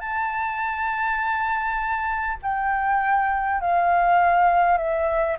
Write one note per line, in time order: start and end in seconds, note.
0.00 2.38 A5
2.42 3.61 G5
3.61 4.78 F5
4.78 5.37 E5